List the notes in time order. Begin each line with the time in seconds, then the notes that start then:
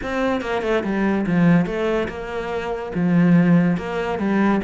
0.02 C4
0.41 A#3
0.62 A3
0.83 G3
1.26 F3
1.66 A3
2.08 A#3
2.95 F3
3.77 A#3
4.18 G3